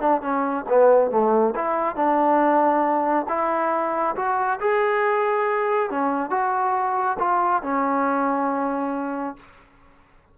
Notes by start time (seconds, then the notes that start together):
0.00 D4
0.22 C#4
0.69 B3
1.11 A3
1.56 E4
1.96 D4
3.29 E4
4.16 F#4
4.61 G#4
5.91 C#4
6.30 F#4
7.19 F4
7.63 C#4